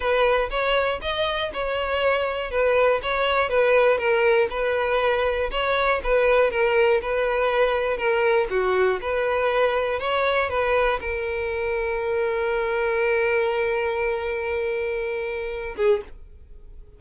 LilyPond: \new Staff \with { instrumentName = "violin" } { \time 4/4 \tempo 4 = 120 b'4 cis''4 dis''4 cis''4~ | cis''4 b'4 cis''4 b'4 | ais'4 b'2 cis''4 | b'4 ais'4 b'2 |
ais'4 fis'4 b'2 | cis''4 b'4 ais'2~ | ais'1~ | ais'2.~ ais'8 gis'8 | }